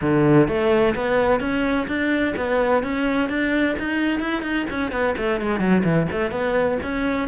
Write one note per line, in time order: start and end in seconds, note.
0.01 0.48 D3
0.48 0.95 A3
0.95 1.40 B3
1.40 1.86 C#4
1.87 2.34 D4
2.36 2.83 B3
2.83 3.29 C#4
3.29 3.76 D4
3.78 4.20 D#4
4.20 4.42 E4
4.42 4.66 D#4
4.69 4.91 C#4
4.91 5.15 B3
5.17 5.40 A3
5.40 5.59 G#3
5.59 5.83 F#3
5.84 6.07 E3
6.11 6.31 A3
6.31 6.78 B3
6.82 7.28 C#4